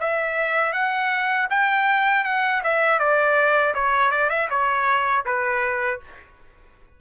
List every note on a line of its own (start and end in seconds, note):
0.00 0.73 E5
0.73 1.48 F#5
1.50 2.25 G5
2.25 2.62 F#5
2.64 2.99 E5
2.99 3.74 D5
3.75 4.11 C#5
4.11 4.30 D5
4.30 4.49 E5
4.50 5.25 C#5
5.26 6.01 B4